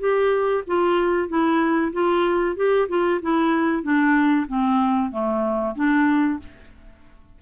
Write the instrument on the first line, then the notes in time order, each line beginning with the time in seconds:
clarinet
0.00 G4
0.67 F4
1.29 E4
1.93 F4
2.56 G4
2.89 F4
3.22 E4
3.83 D4
4.48 C4
5.12 A3
5.76 D4